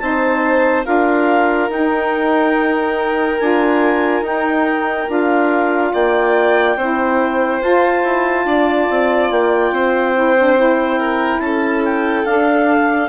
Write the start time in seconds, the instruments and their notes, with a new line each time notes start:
0.00 bassoon C4, saxophone D#4, violin C5, clarinet A5
0.85 bassoon D4, saxophone F4, violin A#4, clarinet F5
1.70 bassoon D#4, saxophone D#4, clarinet G5
3.40 bassoon D4, saxophone F4, clarinet G#5
4.22 bassoon D#4, saxophone D#4, clarinet G5
5.08 bassoon D4, saxophone F4, clarinet F5
5.93 bassoon A#3, violin D5, clarinet G5
6.77 bassoon C4, saxophone E4, violin C5
7.62 bassoon F4, saxophone F4, clarinet A5
8.04 bassoon E4
8.46 bassoon D4, violin D5
8.90 bassoon C4
9.31 bassoon A#3, clarinet G5
9.72 bassoon C4, violin C5
10.15 saxophone E4
10.38 saxophone D4
10.57 saxophone E4
10.99 violin A#4
11.40 bassoon C#4, violin A4, clarinet A5
11.85 clarinet G5
12.25 bassoon D4, saxophone D4, clarinet F5